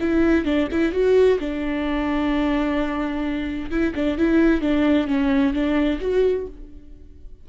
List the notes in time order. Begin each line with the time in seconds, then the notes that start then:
0.00 E4
0.45 D4
0.71 E4
0.92 F#4
1.40 D4
3.70 E4
3.95 D4
4.18 E4
4.61 D4
5.07 C#4
5.53 D4
6.00 F#4